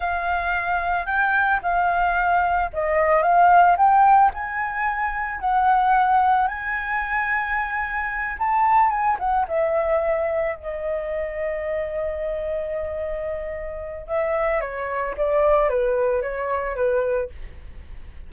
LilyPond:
\new Staff \with { instrumentName = "flute" } { \time 4/4 \tempo 4 = 111 f''2 g''4 f''4~ | f''4 dis''4 f''4 g''4 | gis''2 fis''2 | gis''2.~ gis''8 a''8~ |
a''8 gis''8 fis''8 e''2 dis''8~ | dis''1~ | dis''2 e''4 cis''4 | d''4 b'4 cis''4 b'4 | }